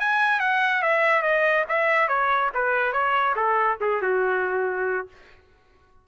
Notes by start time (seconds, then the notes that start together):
0.00 G#5
0.40 F#5
0.82 E5
1.22 D#5
1.69 E5
2.08 C#5
2.54 B4
2.93 C#5
3.36 A4
3.81 G#4
4.02 F#4